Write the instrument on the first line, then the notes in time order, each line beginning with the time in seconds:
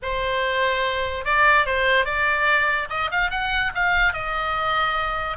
oboe
0.02 C5
1.24 D5
1.66 C5
2.05 D5
2.89 D#5
3.11 F5
3.30 F#5
3.74 F5
4.13 D#5